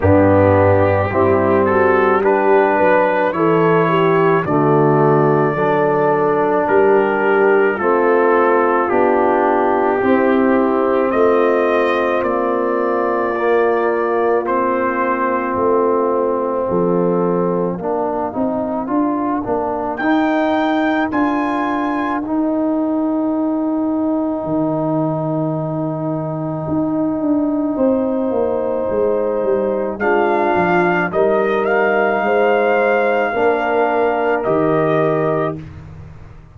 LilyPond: <<
  \new Staff \with { instrumentName = "trumpet" } { \time 4/4 \tempo 4 = 54 g'4. a'8 b'4 cis''4 | d''2 ais'4 a'4 | g'2 dis''4 d''4~ | d''4 c''4 f''2~ |
f''2 g''4 gis''4 | g''1~ | g''2. f''4 | dis''8 f''2~ f''8 dis''4 | }
  \new Staff \with { instrumentName = "horn" } { \time 4/4 d'4 e'8 fis'8 g'8 b'8 a'8 g'8 | fis'4 a'4 g'4 f'4~ | f'4 e'4 f'2~ | f'2. a'4 |
ais'1~ | ais'1~ | ais'4 c''2 f'4 | ais'4 c''4 ais'2 | }
  \new Staff \with { instrumentName = "trombone" } { \time 4/4 b4 c'4 d'4 e'4 | a4 d'2 c'4 | d'4 c'2. | ais4 c'2. |
d'8 dis'8 f'8 d'8 dis'4 f'4 | dis'1~ | dis'2. d'4 | dis'2 d'4 g'4 | }
  \new Staff \with { instrumentName = "tuba" } { \time 4/4 g,4 g4. fis8 e4 | d4 fis4 g4 a4 | b4 c'4 a4 ais4~ | ais2 a4 f4 |
ais8 c'8 d'8 ais8 dis'4 d'4 | dis'2 dis2 | dis'8 d'8 c'8 ais8 gis8 g8 gis8 f8 | g4 gis4 ais4 dis4 | }
>>